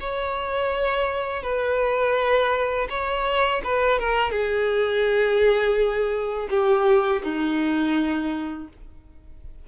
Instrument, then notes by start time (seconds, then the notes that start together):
violin
0.00 C#5
1.43 B4
2.89 C#5
3.64 B4
3.99 A#4
4.31 G#4
6.50 G4
7.23 D#4